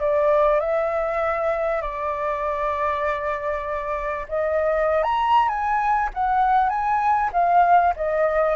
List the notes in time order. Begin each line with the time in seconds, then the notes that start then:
0.00 D5
0.60 E5
1.81 D5
4.29 D#5
5.03 A#5
5.49 G#5
6.14 F#5
6.69 G#5
7.33 F5
7.96 D#5